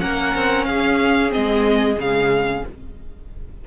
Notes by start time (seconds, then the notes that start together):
0.00 A#3 C#4 A#4 F#5
0.35 C4
0.65 C#4 G#4 F5
1.29 C4 D#5
1.36 G#3
1.96 C#3 G#3 F5